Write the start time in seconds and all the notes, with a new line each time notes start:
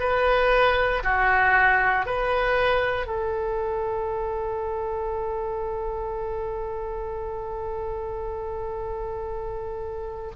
0.00 B4
1.04 F#4
2.06 B4
3.07 A4